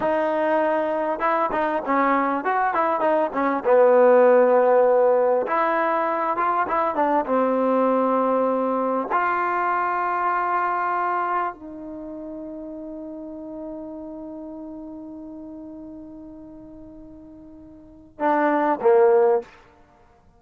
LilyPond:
\new Staff \with { instrumentName = "trombone" } { \time 4/4 \tempo 4 = 99 dis'2 e'8 dis'8 cis'4 | fis'8 e'8 dis'8 cis'8 b2~ | b4 e'4. f'8 e'8 d'8 | c'2. f'4~ |
f'2. dis'4~ | dis'1~ | dis'1~ | dis'2 d'4 ais4 | }